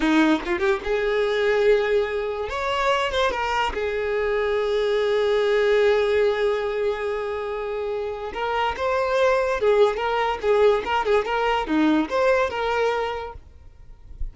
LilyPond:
\new Staff \with { instrumentName = "violin" } { \time 4/4 \tempo 4 = 144 dis'4 f'8 g'8 gis'2~ | gis'2 cis''4. c''8 | ais'4 gis'2.~ | gis'1~ |
gis'1 | ais'4 c''2 gis'4 | ais'4 gis'4 ais'8 gis'8 ais'4 | dis'4 c''4 ais'2 | }